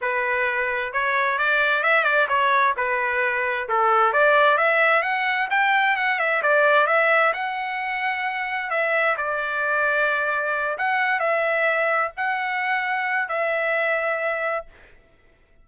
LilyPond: \new Staff \with { instrumentName = "trumpet" } { \time 4/4 \tempo 4 = 131 b'2 cis''4 d''4 | e''8 d''8 cis''4 b'2 | a'4 d''4 e''4 fis''4 | g''4 fis''8 e''8 d''4 e''4 |
fis''2. e''4 | d''2.~ d''8 fis''8~ | fis''8 e''2 fis''4.~ | fis''4 e''2. | }